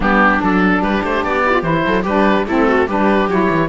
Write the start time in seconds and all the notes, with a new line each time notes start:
0.00 G3 B3 D4 G4
0.39 F#3 D4 A4
0.81 G3 G4 B4
1.03 A3 C5
1.23 B3 D5
1.45 E4
1.52 F4
1.62 E3 E4 C5
1.86 F#3 A4
2.02 G3 D4 G4 B4
2.46 A3 C4 E4 A4
2.67 F#4
2.86 G3 D4 G4 B4
3.27 F#3 E4 C#5
3.50 E3